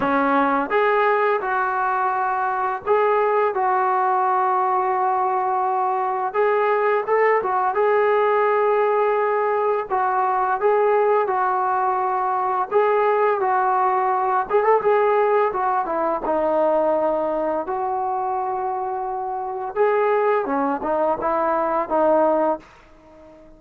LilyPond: \new Staff \with { instrumentName = "trombone" } { \time 4/4 \tempo 4 = 85 cis'4 gis'4 fis'2 | gis'4 fis'2.~ | fis'4 gis'4 a'8 fis'8 gis'4~ | gis'2 fis'4 gis'4 |
fis'2 gis'4 fis'4~ | fis'8 gis'16 a'16 gis'4 fis'8 e'8 dis'4~ | dis'4 fis'2. | gis'4 cis'8 dis'8 e'4 dis'4 | }